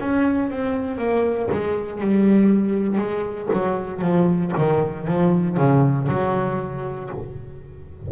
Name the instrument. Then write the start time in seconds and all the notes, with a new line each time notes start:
double bass
0.00 C#4
0.50 C4
0.98 A#3
1.51 G#3
2.01 G3
2.98 G#3
3.53 F#3
4.01 F3
4.58 D#3
5.07 F3
5.57 C#3
6.08 F#3